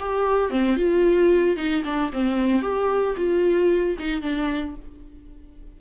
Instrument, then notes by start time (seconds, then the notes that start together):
viola
0.00 G4
0.50 C4
0.77 F4
1.57 D#4
1.85 D4
2.13 C4
2.62 G4
3.17 F4
3.99 D#4
4.22 D4